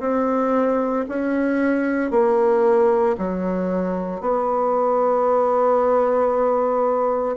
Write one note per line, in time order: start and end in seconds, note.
0.00 1.05 C4
1.09 2.11 C#4
2.11 3.16 A#3
3.18 4.21 F#3
4.21 7.36 B3